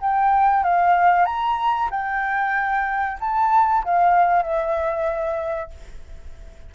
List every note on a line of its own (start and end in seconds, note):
0.00 0.63 G5
0.63 1.25 F5
1.25 1.89 A#5
1.90 3.18 G5
3.20 3.84 A5
3.84 4.42 F5
4.42 5.70 E5